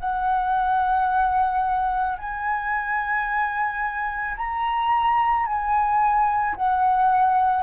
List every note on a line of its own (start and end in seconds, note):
0.00 2.18 F#5
2.18 4.36 G#5
4.37 5.46 A#5
5.46 6.56 G#5
6.56 7.63 F#5